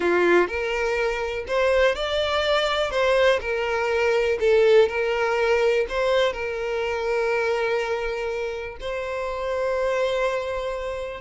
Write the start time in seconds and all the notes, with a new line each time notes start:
0.00 F4
0.47 A#4
1.47 C5
1.95 D5
2.90 C5
3.40 A#4
4.39 A4
4.88 A#4
5.88 C5
6.33 A#4
8.80 C5